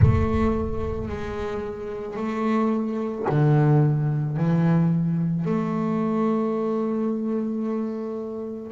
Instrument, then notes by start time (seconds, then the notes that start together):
double bass
0.01 A3
1.08 G#3
2.16 A3
3.28 D3
4.36 E3
5.45 A3